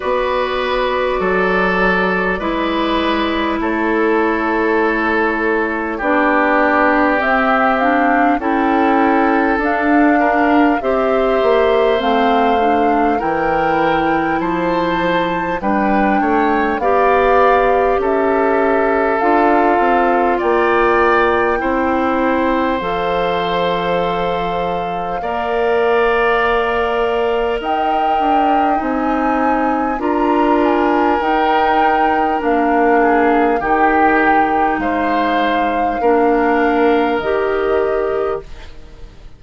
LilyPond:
<<
  \new Staff \with { instrumentName = "flute" } { \time 4/4 \tempo 4 = 50 d''2. cis''4~ | cis''4 d''4 e''8 f''8 g''4 | f''4 e''4 f''4 g''4 | a''4 g''4 f''4 e''4 |
f''4 g''2 f''4~ | f''2. g''4 | gis''4 ais''8 gis''8 g''4 f''4 | g''4 f''2 dis''4 | }
  \new Staff \with { instrumentName = "oboe" } { \time 4/4 b'4 a'4 b'4 a'4~ | a'4 g'2 a'4~ | a'8 ais'8 c''2 ais'4 | c''4 b'8 cis''8 d''4 a'4~ |
a'4 d''4 c''2~ | c''4 d''2 dis''4~ | dis''4 ais'2~ ais'8 gis'8 | g'4 c''4 ais'2 | }
  \new Staff \with { instrumentName = "clarinet" } { \time 4/4 fis'2 e'2~ | e'4 d'4 c'8 d'8 e'4 | d'4 g'4 c'8 d'8 e'4~ | e'4 d'4 g'2 |
f'2 e'4 a'4~ | a'4 ais'2. | dis'4 f'4 dis'4 d'4 | dis'2 d'4 g'4 | }
  \new Staff \with { instrumentName = "bassoon" } { \time 4/4 b4 fis4 gis4 a4~ | a4 b4 c'4 cis'4 | d'4 c'8 ais8 a4 e4 | f4 g8 a8 b4 cis'4 |
d'8 c'8 ais4 c'4 f4~ | f4 ais2 dis'8 d'8 | c'4 d'4 dis'4 ais4 | dis4 gis4 ais4 dis4 | }
>>